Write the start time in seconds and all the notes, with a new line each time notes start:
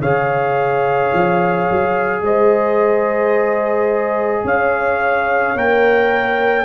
0.00 C#3 G#4 C#5 F5
1.12 F3
1.70 F#3
2.21 G#3 C5 D#5
4.44 C#4 C#5 F5
5.55 A#3 A#4 G5